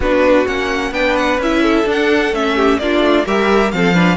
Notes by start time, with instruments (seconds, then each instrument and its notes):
0.00 cello B3, viola D4, violin F#4 B4
0.46 cello A#3, viola C#4, violin F#5
0.91 cello B3, viola D4, violin B4 G5
1.16 violin F#5
1.37 cello C#4, viola E4, violin E5
1.62 violin A4
1.85 viola D4, cello D4, violin F#5
2.31 cello A3, viola C#4, violin E5
2.55 violin G4
2.78 cello A#3, viola D4, violin F4 D5
3.00 cello A3
3.25 cello G3, viola G4, violin A#4 E5
3.71 cello F3, viola C4, violin A4 F5
3.94 viola D4, violin B4